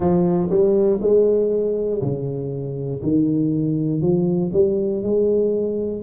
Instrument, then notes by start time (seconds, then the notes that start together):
tuba
0.00 F3
0.50 G3
1.01 G#3
2.01 C#3
3.03 D#3
4.00 F3
4.53 G3
5.03 G#3